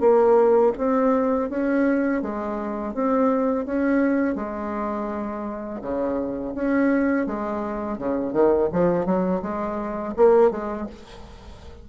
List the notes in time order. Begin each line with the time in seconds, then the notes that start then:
0.00 A#3
0.77 C4
1.50 C#4
2.22 G#3
2.94 C4
3.66 C#4
4.35 G#3
5.82 C#3
6.55 C#4
7.26 G#3
7.98 C#3
8.33 D#3
8.72 F3
9.06 F#3
9.42 G#3
10.16 A#3
10.50 G#3